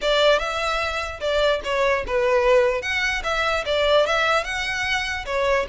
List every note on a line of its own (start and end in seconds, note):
0.01 0.38 D5
0.38 1.19 E5
1.20 1.60 D5
1.63 2.04 C#5
2.06 2.82 B4
2.82 3.22 F#5
3.23 3.64 E5
3.65 4.06 D5
4.06 4.44 E5
4.44 5.25 F#5
5.25 5.66 C#5